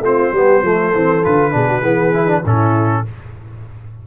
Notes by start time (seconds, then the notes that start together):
0.00 A3 C4 F4 C5
0.32 G3 B3 G4
0.62 F3 A3 A4
0.94 E3 C4
1.23 D3 F4 B4
1.51 B2 D4 G#4
1.68 F#4
1.81 E3 B3 G#4
2.13 E4
2.27 D4
2.42 A2 C#4 E4 A4